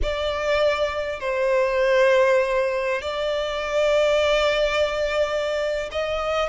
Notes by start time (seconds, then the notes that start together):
0.02 D5
1.20 C5
3.01 D5
5.91 D#5